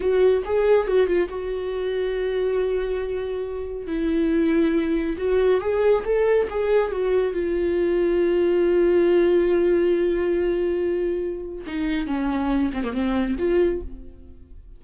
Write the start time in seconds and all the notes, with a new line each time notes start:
0.00 F#4
0.45 G#4
0.87 F#4
1.07 F4
1.28 F#4
3.87 E4
5.17 F#4
5.60 G#4
6.05 A4
6.50 G#4
6.91 F#4
7.33 F4
11.66 D#4
12.06 C#4
12.73 C4
12.84 A#3
12.92 C4
13.38 F4